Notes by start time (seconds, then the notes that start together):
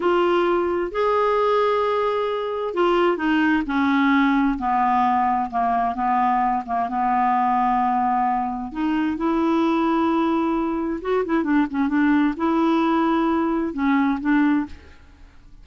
0.00 F4
0.91 G#4
2.74 F4
3.17 D#4
3.66 C#4
4.58 B3
5.50 A#3
5.94 B3
6.66 A#3
6.88 B3
8.71 D#4
9.17 E4
11.01 F#4
11.25 E4
11.43 D4
11.70 C#4
11.88 D4
12.36 E4
13.73 C#4
14.20 D4